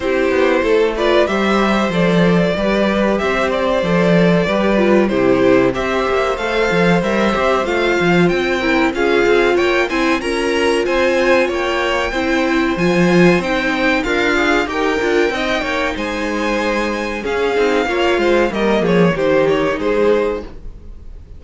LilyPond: <<
  \new Staff \with { instrumentName = "violin" } { \time 4/4 \tempo 4 = 94 c''4. d''8 e''4 d''4~ | d''4 e''8 d''2~ d''8 | c''4 e''4 f''4 e''4 | f''4 g''4 f''4 g''8 gis''8 |
ais''4 gis''4 g''2 | gis''4 g''4 f''4 g''4~ | g''4 gis''2 f''4~ | f''4 dis''8 cis''8 c''8 cis''8 c''4 | }
  \new Staff \with { instrumentName = "violin" } { \time 4/4 g'4 a'8 b'8 c''2 | b'4 c''2 b'4 | g'4 c''2.~ | c''4. ais'8 gis'4 cis''8 c''8 |
ais'4 c''4 cis''4 c''4~ | c''2 f'4 ais'4 | dis''8 cis''8 c''2 gis'4 | cis''8 c''8 ais'8 gis'8 g'4 gis'4 | }
  \new Staff \with { instrumentName = "viola" } { \time 4/4 e'4. f'8 g'4 a'4 | g'2 a'4 g'8 f'8 | e'4 g'4 a'4 ais'8 g'8 | f'4. e'8 f'4. e'8 |
f'2. e'4 | f'4 dis'4 ais'8 gis'8 g'8 f'8 | dis'2. cis'8 dis'8 | f'4 ais4 dis'2 | }
  \new Staff \with { instrumentName = "cello" } { \time 4/4 c'8 b8 a4 g4 f4 | g4 c'4 f4 g4 | c4 c'8 ais8 a8 f8 g8 c'8 | a8 f8 c'4 cis'8 c'8 ais8 c'8 |
cis'4 c'4 ais4 c'4 | f4 c'4 d'4 dis'8 d'8 | c'8 ais8 gis2 cis'8 c'8 | ais8 gis8 g8 f8 dis4 gis4 | }
>>